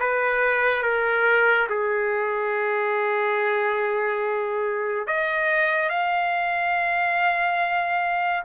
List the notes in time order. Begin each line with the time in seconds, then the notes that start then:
0.00 B4
0.83 A#4
1.70 G#4
5.07 D#5
5.90 F5